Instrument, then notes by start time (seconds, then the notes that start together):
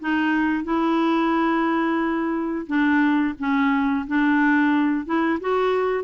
clarinet
0.00 D#4
0.64 E4
2.67 D4
3.39 C#4
4.07 D4
5.05 E4
5.41 F#4